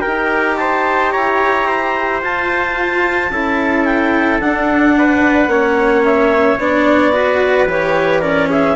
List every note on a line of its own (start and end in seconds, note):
0.00 2.22 G4
0.00 0.56 A#4
0.00 0.55 G5
0.06 1.15 D#4
0.57 1.12 C5
0.57 1.12 A5
1.12 2.23 E4
1.12 1.67 C#5
1.12 2.21 A#5
1.67 3.31 C5
2.22 3.32 F4
2.22 3.31 F4
2.22 3.85 A5
3.31 4.40 C#4
3.31 4.42 E4
3.31 4.96 A4
3.85 4.40 G5
4.40 5.47 D4
4.40 5.50 D4
4.40 6.05 F#5
4.98 5.51 B4
5.47 6.56 A#3
5.47 6.59 C#4
5.47 7.15 C#5
6.05 6.59 E5
6.58 7.67 B3
6.58 7.13 D4
6.58 7.69 D5
7.13 7.67 F#4
7.13 8.21 B4
7.67 8.77 E3
7.67 8.22 G4
7.67 8.21 C#5
8.21 8.77 C#4
8.21 8.48 A#4
8.21 8.48 D5
8.50 8.77 G#4
8.50 8.77 E5